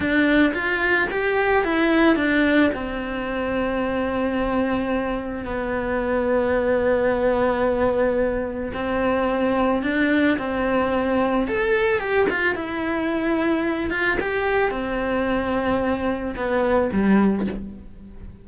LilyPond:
\new Staff \with { instrumentName = "cello" } { \time 4/4 \tempo 4 = 110 d'4 f'4 g'4 e'4 | d'4 c'2.~ | c'2 b2~ | b1 |
c'2 d'4 c'4~ | c'4 a'4 g'8 f'8 e'4~ | e'4. f'8 g'4 c'4~ | c'2 b4 g4 | }